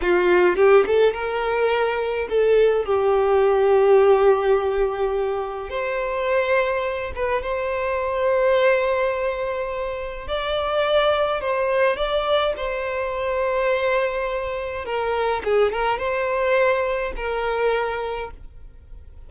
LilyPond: \new Staff \with { instrumentName = "violin" } { \time 4/4 \tempo 4 = 105 f'4 g'8 a'8 ais'2 | a'4 g'2.~ | g'2 c''2~ | c''8 b'8 c''2.~ |
c''2 d''2 | c''4 d''4 c''2~ | c''2 ais'4 gis'8 ais'8 | c''2 ais'2 | }